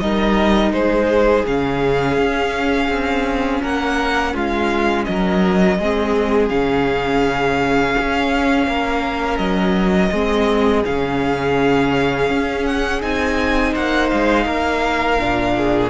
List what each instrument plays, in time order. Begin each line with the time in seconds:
0.00 cello G3, viola D#4, violin A#4 D#5
0.72 cello G#3, violin G#4 C5
1.47 cello C#3, viola C#4, violin F5
2.18 cello C#4
2.89 cello C4
3.63 cello A#3, violin A#4 F#5
4.34 cello G#3, violin F4 F5
5.05 cello F#3, violin A#4 D#5
5.79 cello G#3, viola C4, violin G#4
6.49 cello C#3, viola C#4, violin F5
7.98 cello C#4
8.67 cello A#3, violin A#4
9.38 cello F#3, violin D#5
10.12 cello G#3, viola C4, violin G#4
10.85 cello C#3, viola C#4, violin F5
12.30 cello C#4
12.66 violin F#5
13.01 cello C4, viola D#4, violin G#5
13.72 cello A#3, violin C5 F#5
14.10 cello G#3, violin F5
14.46 cello A#3, violin A#4
15.19 cello A#2, viola D4
15.58 violin G#4